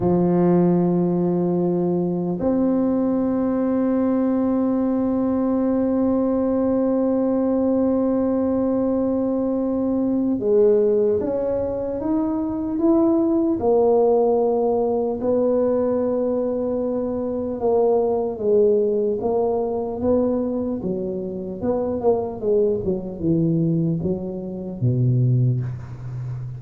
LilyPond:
\new Staff \with { instrumentName = "tuba" } { \time 4/4 \tempo 4 = 75 f2. c'4~ | c'1~ | c'1~ | c'4 gis4 cis'4 dis'4 |
e'4 ais2 b4~ | b2 ais4 gis4 | ais4 b4 fis4 b8 ais8 | gis8 fis8 e4 fis4 b,4 | }